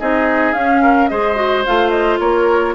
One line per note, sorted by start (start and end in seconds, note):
0.00 0.54 C4
0.00 0.56 D#4
0.00 0.82 G#4
0.00 0.53 D#5
0.53 1.10 C#4
0.53 1.11 C#4
0.53 1.09 F5
0.82 1.10 A#4
1.09 1.67 G#3
1.09 1.36 G#4
1.09 2.21 C5
1.09 1.64 D#5
1.36 1.64 F#4
1.67 2.20 A3
1.67 2.75 F4
1.67 1.90 F5
1.90 2.18 D#5
2.20 2.75 A#3
2.20 2.75 A#4
2.20 2.75 C#5